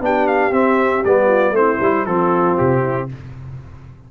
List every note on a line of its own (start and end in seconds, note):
0.00 0.50 B3
0.00 0.51 D4
0.00 1.26 G4
0.00 0.27 G5
0.27 0.52 F5
0.50 1.02 C4
0.50 1.03 C4
0.50 1.04 E5
1.04 1.50 G3
1.04 1.54 B3
1.04 1.55 D5
1.26 1.52 F4
1.50 1.76 A3
1.50 1.80 C4
1.50 2.05 E4
1.50 2.05 C5
1.80 2.05 G3
1.80 2.06 E4
2.05 2.57 F3
2.05 3.09 C4
2.05 2.81 F4
2.05 2.57 A4
2.57 3.11 C3
2.57 3.09 G4
2.81 3.07 E4